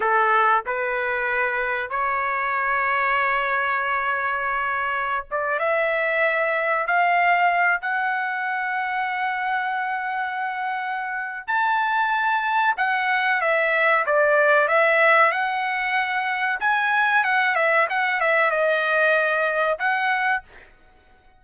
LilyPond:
\new Staff \with { instrumentName = "trumpet" } { \time 4/4 \tempo 4 = 94 a'4 b'2 cis''4~ | cis''1~ | cis''16 d''8 e''2 f''4~ f''16~ | f''16 fis''2.~ fis''8.~ |
fis''2 a''2 | fis''4 e''4 d''4 e''4 | fis''2 gis''4 fis''8 e''8 | fis''8 e''8 dis''2 fis''4 | }